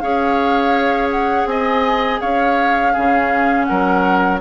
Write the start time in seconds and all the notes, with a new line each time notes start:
0.00 C#4 G#4 C#5 F5
1.11 F#5
1.46 C4 D#5 G#5
2.21 C#4 C#5 F5
2.93 C#3 C#4 G#4
3.65 F#3 A#4 F#5